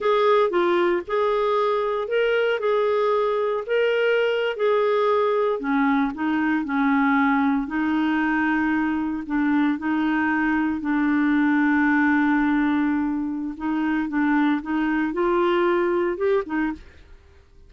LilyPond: \new Staff \with { instrumentName = "clarinet" } { \time 4/4 \tempo 4 = 115 gis'4 f'4 gis'2 | ais'4 gis'2 ais'4~ | ais'8. gis'2 cis'4 dis'16~ | dis'8. cis'2 dis'4~ dis'16~ |
dis'4.~ dis'16 d'4 dis'4~ dis'16~ | dis'8. d'2.~ d'16~ | d'2 dis'4 d'4 | dis'4 f'2 g'8 dis'8 | }